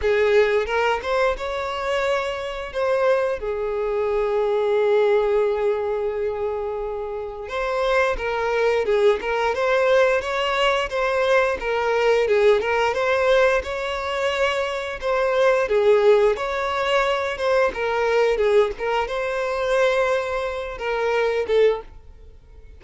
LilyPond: \new Staff \with { instrumentName = "violin" } { \time 4/4 \tempo 4 = 88 gis'4 ais'8 c''8 cis''2 | c''4 gis'2.~ | gis'2. c''4 | ais'4 gis'8 ais'8 c''4 cis''4 |
c''4 ais'4 gis'8 ais'8 c''4 | cis''2 c''4 gis'4 | cis''4. c''8 ais'4 gis'8 ais'8 | c''2~ c''8 ais'4 a'8 | }